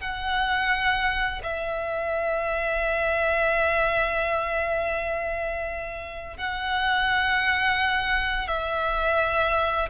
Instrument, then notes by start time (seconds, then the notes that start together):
violin
0.00 F#5
1.43 E5
6.37 F#5
8.47 E5